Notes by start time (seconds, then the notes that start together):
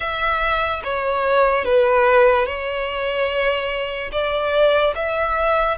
0.00 E5
0.84 C#5
1.64 B4
2.45 C#5
4.11 D5
4.95 E5